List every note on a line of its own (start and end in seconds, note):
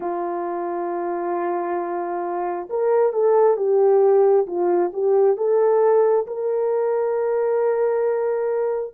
0.00 2.69 F4
2.69 3.13 A#4
3.13 3.57 A4
3.57 4.46 G4
4.46 4.91 F4
4.93 5.36 G4
5.36 6.26 A4
6.26 8.94 A#4